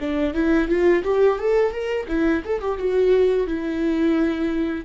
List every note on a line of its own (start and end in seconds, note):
0.00 0.34 D4
0.34 0.68 E4
0.68 1.03 F4
1.04 1.39 G4
1.39 1.71 A4
1.71 2.06 A#4
2.08 2.43 E4
2.44 2.60 A4
2.60 2.78 G4
2.78 3.47 F#4
3.47 4.85 E4